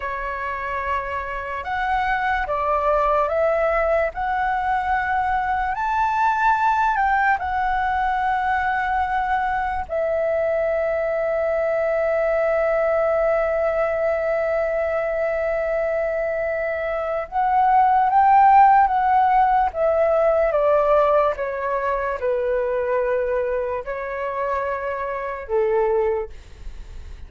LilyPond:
\new Staff \with { instrumentName = "flute" } { \time 4/4 \tempo 4 = 73 cis''2 fis''4 d''4 | e''4 fis''2 a''4~ | a''8 g''8 fis''2. | e''1~ |
e''1~ | e''4 fis''4 g''4 fis''4 | e''4 d''4 cis''4 b'4~ | b'4 cis''2 a'4 | }